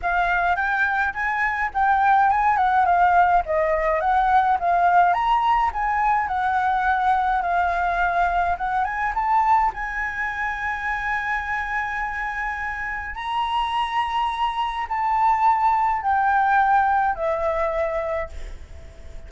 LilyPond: \new Staff \with { instrumentName = "flute" } { \time 4/4 \tempo 4 = 105 f''4 g''4 gis''4 g''4 | gis''8 fis''8 f''4 dis''4 fis''4 | f''4 ais''4 gis''4 fis''4~ | fis''4 f''2 fis''8 gis''8 |
a''4 gis''2.~ | gis''2. ais''4~ | ais''2 a''2 | g''2 e''2 | }